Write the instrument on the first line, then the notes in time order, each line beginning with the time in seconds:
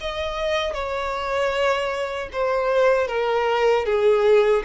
violin
0.00 D#5
0.73 C#5
2.32 C5
3.07 A#4
3.85 G#4